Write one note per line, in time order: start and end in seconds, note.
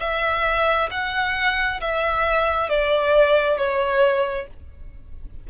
0.00 0.90 E5
0.90 1.80 F#5
1.80 2.69 E5
2.69 3.57 D5
3.57 4.47 C#5